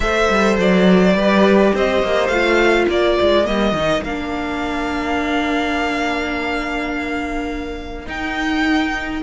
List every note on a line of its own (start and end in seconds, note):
0.00 0.28 A3
0.00 1.16 A4
0.00 1.16 C5
0.00 0.56 E5
0.29 0.58 G3
0.58 1.14 F#3
0.58 1.75 D5
1.14 1.72 G3
1.14 2.32 G4
1.14 1.74 B4
1.74 2.02 C4
1.74 2.84 C5
1.74 2.27 D#5
2.02 2.28 A#3
2.27 2.86 A3
2.27 3.45 F4
2.27 2.85 F5
2.84 3.17 A#3
2.84 9.19 A#4
2.84 3.46 D5
3.20 3.48 G#3
3.45 3.72 G3
3.45 3.73 A#3
3.45 4.03 D#5
3.72 4.01 D#3
3.72 4.05 D#4
4.02 8.06 A#3
4.02 8.06 D4
4.02 8.07 F5
8.06 9.21 D#4
8.06 9.22 D#4
8.06 9.22 G5